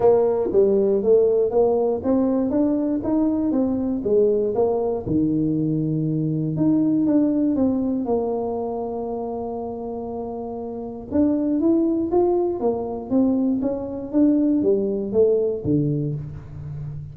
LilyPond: \new Staff \with { instrumentName = "tuba" } { \time 4/4 \tempo 4 = 119 ais4 g4 a4 ais4 | c'4 d'4 dis'4 c'4 | gis4 ais4 dis2~ | dis4 dis'4 d'4 c'4 |
ais1~ | ais2 d'4 e'4 | f'4 ais4 c'4 cis'4 | d'4 g4 a4 d4 | }